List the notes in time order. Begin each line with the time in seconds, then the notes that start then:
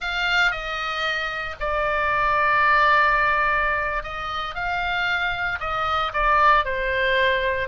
0.00 F5
0.51 D#5
1.60 D5
4.03 D#5
4.54 F5
5.60 D#5
6.13 D5
6.65 C5